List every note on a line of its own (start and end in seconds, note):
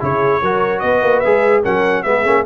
0.00 0.42 C#3
0.00 0.41 E4
0.00 0.42 G#4
0.00 0.80 C#5
0.42 0.82 F#3
0.42 1.24 F#4
0.42 0.83 A#4
0.80 1.02 B3
0.80 1.63 B4
0.80 1.20 D#5
1.02 1.23 A#3
1.20 1.65 G#3
1.20 1.64 G#4
1.20 1.61 E5
1.63 2.05 F#3
1.63 2.04 C#4
1.63 2.04 A#4
1.63 2.03 F#5
2.03 2.25 G#3
2.03 2.24 B3
2.03 2.46 G#4
2.03 2.44 E5
2.24 2.45 A#3
2.24 2.45 C#4